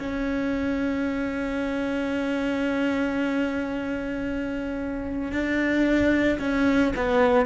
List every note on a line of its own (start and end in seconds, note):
0.00 5.32 C#4
5.32 6.39 D4
6.39 6.93 C#4
6.96 7.46 B3